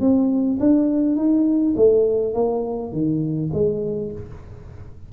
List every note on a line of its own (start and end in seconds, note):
0.00 0.58 C4
0.60 1.15 D4
1.15 1.74 D#4
1.76 2.34 A3
2.34 2.92 A#3
2.92 3.50 D#3
3.53 4.11 G#3